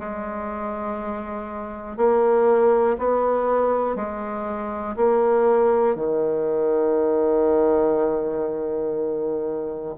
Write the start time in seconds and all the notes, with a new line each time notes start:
0.00 G#3
1.97 A#3
2.98 B3
3.96 G#3
4.96 A#3
5.95 D#3